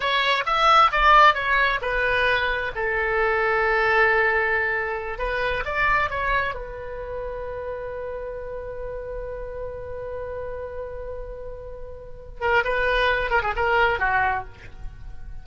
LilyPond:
\new Staff \with { instrumentName = "oboe" } { \time 4/4 \tempo 4 = 133 cis''4 e''4 d''4 cis''4 | b'2 a'2~ | a'2.~ a'8 b'8~ | b'8 d''4 cis''4 b'4.~ |
b'1~ | b'1~ | b'2.~ b'8 ais'8 | b'4. ais'16 gis'16 ais'4 fis'4 | }